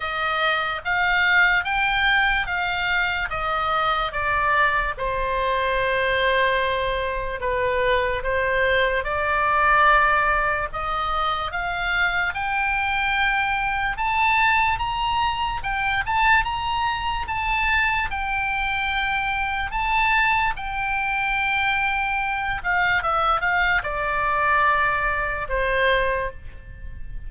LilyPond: \new Staff \with { instrumentName = "oboe" } { \time 4/4 \tempo 4 = 73 dis''4 f''4 g''4 f''4 | dis''4 d''4 c''2~ | c''4 b'4 c''4 d''4~ | d''4 dis''4 f''4 g''4~ |
g''4 a''4 ais''4 g''8 a''8 | ais''4 a''4 g''2 | a''4 g''2~ g''8 f''8 | e''8 f''8 d''2 c''4 | }